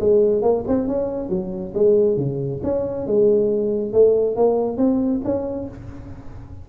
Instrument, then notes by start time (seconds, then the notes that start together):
tuba
0.00 G#3
0.42 A#3
0.67 C4
0.88 C#4
1.29 F#3
1.74 G#3
2.17 C#3
2.63 C#4
3.07 G#3
3.93 A3
4.36 A#3
4.77 C4
5.24 C#4